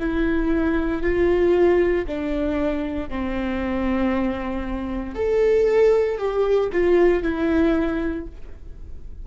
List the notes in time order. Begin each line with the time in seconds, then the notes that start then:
0.00 E4
1.03 F4
2.07 D4
3.10 C4
5.15 A4
6.18 G4
6.72 F4
7.23 E4